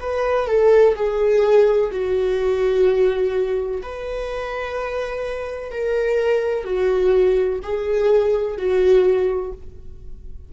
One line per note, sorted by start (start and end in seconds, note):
0.00 0.48 B4
0.48 0.96 A4
0.96 1.91 G#4
1.92 3.82 F#4
3.83 5.71 B4
5.71 6.65 A#4
6.65 7.60 F#4
7.63 8.58 G#4
8.58 9.53 F#4